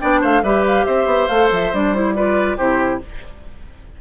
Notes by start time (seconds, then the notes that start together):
0.00 B3 D4 D5 G5
0.21 A3 C5 F5
0.43 G3 G4 B4 E5
0.67 F5
0.85 C4 C5 E5
1.06 B3
1.28 A3 A4 F5
1.51 F3 E5
1.73 G3 D4 D5
1.94 E4 C5
2.16 F4 B4 D5
2.57 C3 E4 G4 C5